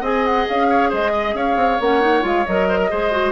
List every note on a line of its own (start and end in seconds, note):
0.00 0.45 C4
0.00 1.79 G#4
0.00 0.66 D#5
0.00 0.25 G#5
0.25 0.47 F#5
0.48 0.92 C#4
0.48 0.92 F5
0.69 0.89 C#5
0.89 1.34 G#3
0.89 1.11 C5
0.89 1.36 D#5
1.12 1.34 D#5
1.34 1.55 C#4
1.34 2.68 C#5
1.34 1.80 F5
1.55 1.77 C4
1.80 2.23 A#3
1.80 2.00 C#4
1.80 2.25 F#5
2.00 2.21 D#4
2.21 2.45 G#3
2.21 2.43 F4
2.21 2.46 F5
2.46 2.91 F#3
2.46 2.90 A#4
2.46 3.32 D#5
2.68 2.78 C5
2.78 2.89 A#4
2.90 3.32 G#3
2.90 3.11 G#4
2.90 3.32 C5
3.11 3.32 F#4